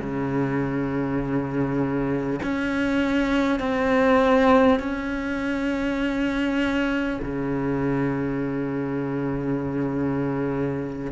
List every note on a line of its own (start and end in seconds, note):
0.00 2.40 C#3
2.43 3.59 C#4
3.59 4.79 C4
4.79 7.19 C#4
7.22 11.12 C#3